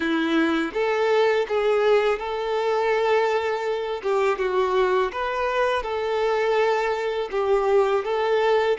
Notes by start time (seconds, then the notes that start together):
0.00 E4
0.73 A4
1.48 G#4
2.18 A4
4.02 G4
4.38 F#4
5.12 B4
5.82 A4
7.31 G4
8.04 A4